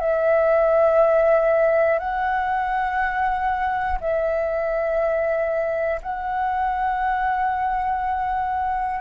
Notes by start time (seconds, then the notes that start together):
0.00 E5
1.99 F#5
4.01 E5
6.02 F#5